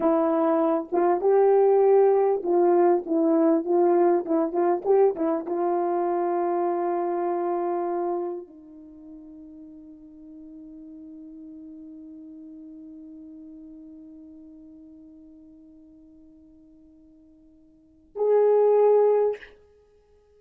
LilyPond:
\new Staff \with { instrumentName = "horn" } { \time 4/4 \tempo 4 = 99 e'4. f'8 g'2 | f'4 e'4 f'4 e'8 f'8 | g'8 e'8 f'2.~ | f'2 dis'2~ |
dis'1~ | dis'1~ | dis'1~ | dis'2 gis'2 | }